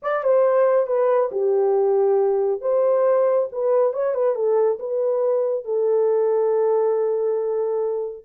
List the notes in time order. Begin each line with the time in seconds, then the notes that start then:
0.02 D5
0.23 C5
0.86 B4
1.31 G4
2.61 C5
3.51 B4
3.93 C#5
4.14 B4
4.35 A4
4.79 B4
5.64 A4